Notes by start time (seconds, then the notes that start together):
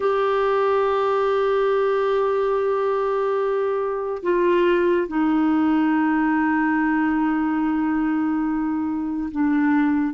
0.00 G4
4.23 F4
5.07 D#4
9.31 D4